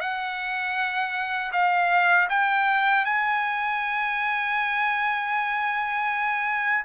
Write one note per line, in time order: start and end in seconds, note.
0.00 1.52 F#5
1.52 2.28 F5
2.30 3.05 G5
3.05 6.85 G#5